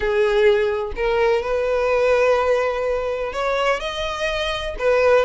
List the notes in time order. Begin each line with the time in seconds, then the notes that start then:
0.00 G#4
0.95 A#4
1.42 B4
3.32 C#5
3.79 D#5
4.79 B4